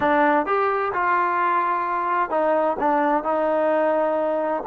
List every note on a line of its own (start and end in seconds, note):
0.00 0.46 D4
0.46 0.92 G4
0.93 2.30 F4
2.30 2.76 D#4
2.79 3.23 D4
3.23 4.63 D#4